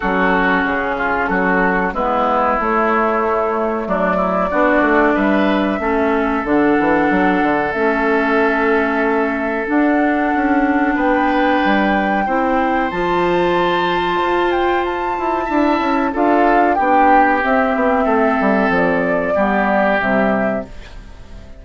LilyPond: <<
  \new Staff \with { instrumentName = "flute" } { \time 4/4 \tempo 4 = 93 a'4 gis'4 a'4 b'4 | cis''2 d''2 | e''2 fis''2 | e''2. fis''4~ |
fis''4 g''2. | a''2~ a''8 g''8 a''4~ | a''4 f''4 g''4 e''4~ | e''4 d''2 e''4 | }
  \new Staff \with { instrumentName = "oboe" } { \time 4/4 fis'4. f'8 fis'4 e'4~ | e'2 d'8 e'8 fis'4 | b'4 a'2.~ | a'1~ |
a'4 b'2 c''4~ | c''1 | e''4 a'4 g'2 | a'2 g'2 | }
  \new Staff \with { instrumentName = "clarinet" } { \time 4/4 cis'2. b4 | a2. d'4~ | d'4 cis'4 d'2 | cis'2. d'4~ |
d'2. e'4 | f'1 | e'4 f'4 d'4 c'4~ | c'2 b4 g4 | }
  \new Staff \with { instrumentName = "bassoon" } { \time 4/4 fis4 cis4 fis4 gis4 | a2 fis4 b8 a8 | g4 a4 d8 e8 fis8 d8 | a2. d'4 |
cis'4 b4 g4 c'4 | f2 f'4. e'8 | d'8 cis'8 d'4 b4 c'8 b8 | a8 g8 f4 g4 c4 | }
>>